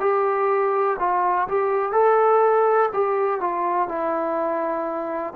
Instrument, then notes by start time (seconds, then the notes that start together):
trombone
0.00 G4
0.99 F4
1.48 G4
1.92 A4
2.93 G4
3.40 F4
3.88 E4